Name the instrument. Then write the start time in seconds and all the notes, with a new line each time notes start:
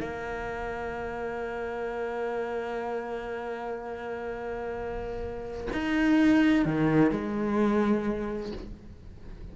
cello
0.00 A#3
5.73 D#4
6.65 D#3
7.10 G#3